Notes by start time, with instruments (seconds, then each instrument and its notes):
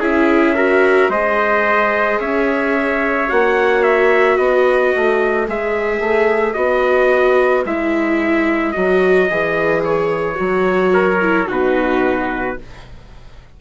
0.00 bassoon C#4, viola E4, trumpet G#4 E5
0.55 viola F#4, trumpet A#4
1.09 bassoon G#3, viola G#4, trumpet C5 D#5
2.20 bassoon C#4, trumpet C#5 E5
3.28 bassoon A#3, viola F#4, trumpet F#5
3.83 trumpet E5
4.37 bassoon B3, trumpet B4 D#5
4.96 bassoon A3
5.48 bassoon G#3, viola G#4, trumpet E5
6.00 bassoon A3
6.54 bassoon B3, viola F#4, trumpet D#5
7.65 bassoon G#3, viola E4, trumpet E5
8.72 bassoon F#3, viola F#4, trumpet D#5
9.30 bassoon E3, viola G#4
9.85 trumpet C#5
10.35 bassoon F#3, viola F#4
10.94 trumpet A#4
11.22 viola E4
11.46 bassoon B2, viola D#4, trumpet F#4 B4